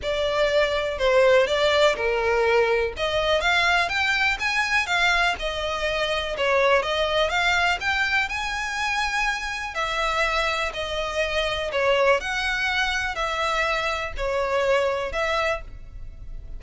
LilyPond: \new Staff \with { instrumentName = "violin" } { \time 4/4 \tempo 4 = 123 d''2 c''4 d''4 | ais'2 dis''4 f''4 | g''4 gis''4 f''4 dis''4~ | dis''4 cis''4 dis''4 f''4 |
g''4 gis''2. | e''2 dis''2 | cis''4 fis''2 e''4~ | e''4 cis''2 e''4 | }